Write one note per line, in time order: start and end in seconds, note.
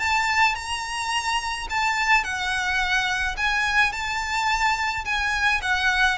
0.00 0.56 A5
0.56 1.68 A#5
1.70 2.24 A5
2.24 3.36 F#5
3.37 3.93 G#5
3.93 5.05 A5
5.05 5.62 G#5
5.62 6.18 F#5